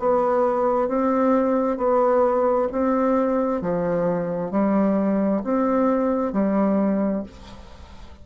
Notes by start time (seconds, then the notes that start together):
0.00 B3
0.88 C4
1.78 B3
2.72 C4
3.62 F3
4.52 G3
5.44 C4
6.33 G3